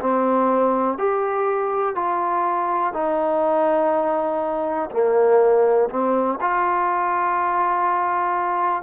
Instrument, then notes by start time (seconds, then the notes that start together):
trombone
0.00 C4
0.98 G4
1.95 F4
2.93 D#4
4.90 A#3
5.89 C4
6.41 F4